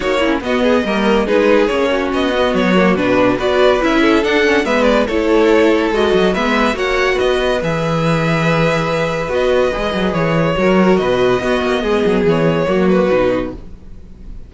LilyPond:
<<
  \new Staff \with { instrumentName = "violin" } { \time 4/4 \tempo 4 = 142 cis''4 dis''2 b'4 | cis''4 dis''4 cis''4 b'4 | d''4 e''4 fis''4 e''8 d''8 | cis''2 dis''4 e''4 |
fis''4 dis''4 e''2~ | e''2 dis''2 | cis''2 dis''2~ | dis''4 cis''4. b'4. | }
  \new Staff \with { instrumentName = "violin" } { \time 4/4 fis'8 e'8 fis'8 gis'8 ais'4 gis'4~ | gis'8 fis'2.~ fis'8 | b'4. a'4. b'4 | a'2. b'4 |
cis''4 b'2.~ | b'1~ | b'4 ais'4 b'4 fis'4 | gis'2 fis'2 | }
  \new Staff \with { instrumentName = "viola" } { \time 4/4 dis'8 cis'8 b4 ais4 dis'4 | cis'4. b4 ais8 d'4 | fis'4 e'4 d'8 cis'8 b4 | e'2 fis'4 b4 |
fis'2 gis'2~ | gis'2 fis'4 gis'4~ | gis'4 fis'2 b4~ | b2 ais4 dis'4 | }
  \new Staff \with { instrumentName = "cello" } { \time 4/4 ais4 b4 g4 gis4 | ais4 b4 fis4 b,4 | b4 cis'4 d'4 gis4 | a2 gis8 fis8 gis4 |
ais4 b4 e2~ | e2 b4 gis8 fis8 | e4 fis4 b,4 b8 ais8 | gis8 fis8 e4 fis4 b,4 | }
>>